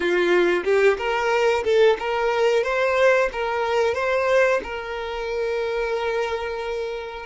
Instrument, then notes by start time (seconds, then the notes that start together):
violin
0.00 F4
0.64 G4
0.97 A#4
1.64 A4
1.99 A#4
2.63 C5
3.32 A#4
3.94 C5
4.63 A#4